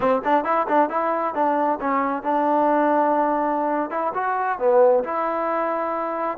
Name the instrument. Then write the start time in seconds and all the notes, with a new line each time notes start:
trombone
0.00 C4
0.24 D4
0.44 E4
0.68 D4
0.89 E4
1.34 D4
1.80 C#4
2.22 D4
3.90 E4
4.13 F#4
4.58 B3
5.04 E4